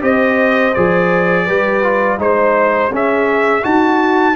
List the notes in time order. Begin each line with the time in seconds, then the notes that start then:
0.00 C4 G4 C5 D#5
0.73 F3 G#4 D5
1.45 G3 G4 B4
1.82 F4
2.18 G#3 D#4 C5
2.90 C#4 G#4 E5
3.62 D#4 F#4 A5